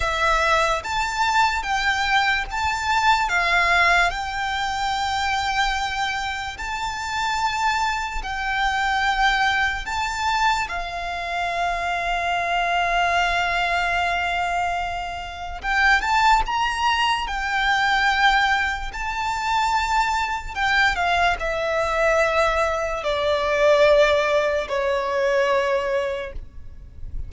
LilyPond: \new Staff \with { instrumentName = "violin" } { \time 4/4 \tempo 4 = 73 e''4 a''4 g''4 a''4 | f''4 g''2. | a''2 g''2 | a''4 f''2.~ |
f''2. g''8 a''8 | ais''4 g''2 a''4~ | a''4 g''8 f''8 e''2 | d''2 cis''2 | }